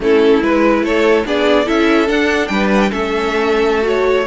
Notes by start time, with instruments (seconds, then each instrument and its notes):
0.00 cello A3, viola C#4, violin E4 A4
0.42 cello G#3, viola E4, violin B4
0.82 cello A3, violin A4 C#5
1.25 cello B3, viola D4, violin G#4 D5
1.65 cello C#4, viola E4, violin A4 E5
2.07 viola D4, cello D4, violin F#5
2.47 cello G3, violin B4 G5
2.73 violin F#5
2.80 violin G5
2.90 cello A3, viola C#4, violin A4 E5
3.81 viola F#4
3.88 violin C#5